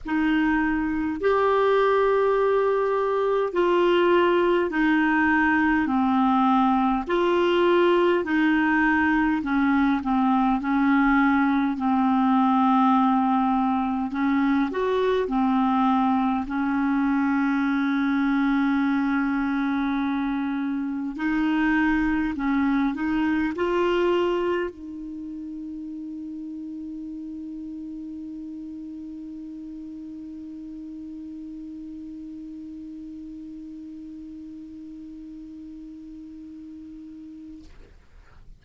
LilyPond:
\new Staff \with { instrumentName = "clarinet" } { \time 4/4 \tempo 4 = 51 dis'4 g'2 f'4 | dis'4 c'4 f'4 dis'4 | cis'8 c'8 cis'4 c'2 | cis'8 fis'8 c'4 cis'2~ |
cis'2 dis'4 cis'8 dis'8 | f'4 dis'2.~ | dis'1~ | dis'1 | }